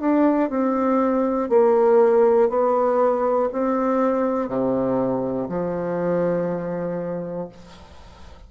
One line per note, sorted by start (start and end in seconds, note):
0.00 0.49 D4
0.49 1.49 C4
1.49 2.49 A#3
2.49 3.49 B3
3.52 4.48 C4
4.48 5.48 C3
5.49 7.49 F3